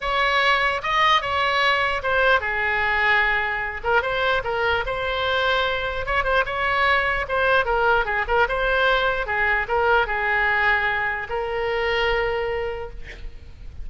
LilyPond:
\new Staff \with { instrumentName = "oboe" } { \time 4/4 \tempo 4 = 149 cis''2 dis''4 cis''4~ | cis''4 c''4 gis'2~ | gis'4. ais'8 c''4 ais'4 | c''2. cis''8 c''8 |
cis''2 c''4 ais'4 | gis'8 ais'8 c''2 gis'4 | ais'4 gis'2. | ais'1 | }